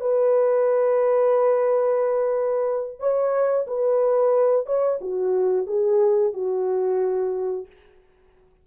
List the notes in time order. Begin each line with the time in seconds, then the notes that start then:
0.00 B4
2.99 C#5
3.67 B4
4.66 C#5
5.01 F#4
5.66 G#4
6.33 F#4